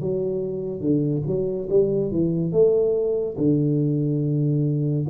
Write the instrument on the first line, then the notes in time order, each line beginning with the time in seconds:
tuba
0.00 F#3
0.80 D3
1.26 F#3
1.69 G3
2.11 E3
2.52 A3
3.37 D3